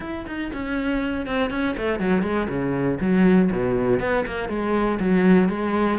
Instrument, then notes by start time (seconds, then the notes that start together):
cello
0.00 E4
0.26 D#4
0.53 C#4
1.26 C4
1.50 C#4
1.77 A3
1.99 F#3
2.22 G#3
2.48 C#3
3.00 F#3
3.51 B2
4.00 B3
4.26 A#3
4.48 G#3
4.99 F#3
5.48 G#3